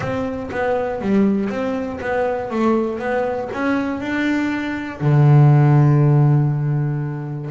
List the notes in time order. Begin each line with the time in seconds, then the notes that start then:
0.00 C4
0.51 B3
1.01 G3
1.49 C4
2.00 B3
2.50 A3
2.99 B3
3.52 C#4
4.00 D4
5.00 D3